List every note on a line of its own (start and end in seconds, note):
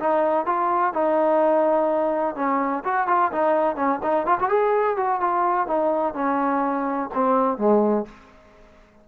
0.00 0.46 D#4
0.46 0.94 F4
0.94 2.36 D#4
2.36 2.84 C#4
2.85 3.08 F#4
3.08 3.32 F4
3.32 3.76 D#4
3.76 4.00 C#4
4.03 4.27 D#4
4.27 4.39 F4
4.40 4.49 F#4
4.49 4.97 G#4
4.97 5.21 F#4
5.21 5.67 F4
5.67 6.15 D#4
6.15 7.10 C#4
7.15 7.58 C4
7.58 8.06 G#3